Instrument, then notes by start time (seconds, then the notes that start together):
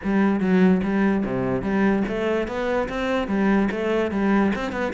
cello
0.03 G3
0.40 F#3
0.83 G3
1.25 C3
1.62 G3
2.08 A3
2.47 B3
2.89 C4
3.27 G3
3.71 A3
4.11 G3
4.55 C4
4.71 B3